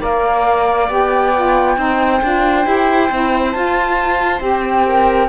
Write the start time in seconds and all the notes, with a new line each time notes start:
0.00 A#3 A#4 D5 F5
0.88 B3 G4 G5
1.35 F4
1.76 C4 D#4 C5
2.23 D4 F4
2.64 E4 G4
3.10 C4 E4
3.52 F4 A5
4.39 C4 G4 G5
4.87 A#4